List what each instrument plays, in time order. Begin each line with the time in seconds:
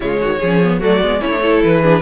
0.00 cello C#3, viola G#3, violin F4 C#5
0.21 cello D#3, violin F#4
0.39 cello F3, viola C#4, violin G#4
0.63 viola B3
0.79 cello F#3, viola A3, violin F#4 D5
1.01 cello G#3, viola B3
1.20 viola C#4, violin E4 C#5
1.26 cello A3, viola D4
1.41 viola E4, violin A4
1.63 cello E3, violin B4
1.82 viola D4, violin G#4